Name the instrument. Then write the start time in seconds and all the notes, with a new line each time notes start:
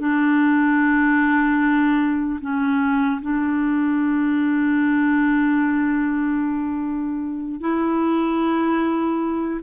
clarinet
0.00 D4
2.41 C#4
3.22 D4
7.61 E4